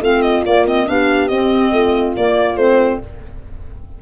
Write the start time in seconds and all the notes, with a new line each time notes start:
0.00 A3 C4 F4 F5
0.22 D#5
0.46 A#3 D5
0.67 C4 D#5
0.86 B3 D4 G4 F5
1.28 C4 D#5
1.72 A3 F4
2.16 A#3 D5
2.56 A3 C4 C5